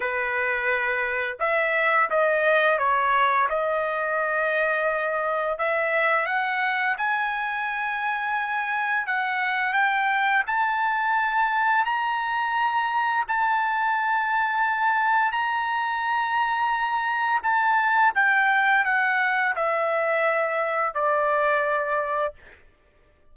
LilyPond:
\new Staff \with { instrumentName = "trumpet" } { \time 4/4 \tempo 4 = 86 b'2 e''4 dis''4 | cis''4 dis''2. | e''4 fis''4 gis''2~ | gis''4 fis''4 g''4 a''4~ |
a''4 ais''2 a''4~ | a''2 ais''2~ | ais''4 a''4 g''4 fis''4 | e''2 d''2 | }